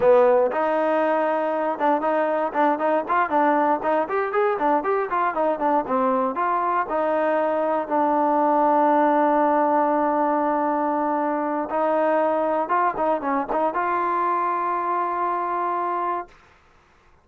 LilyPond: \new Staff \with { instrumentName = "trombone" } { \time 4/4 \tempo 4 = 118 b4 dis'2~ dis'8 d'8 | dis'4 d'8 dis'8 f'8 d'4 dis'8 | g'8 gis'8 d'8 g'8 f'8 dis'8 d'8 c'8~ | c'8 f'4 dis'2 d'8~ |
d'1~ | d'2. dis'4~ | dis'4 f'8 dis'8 cis'8 dis'8 f'4~ | f'1 | }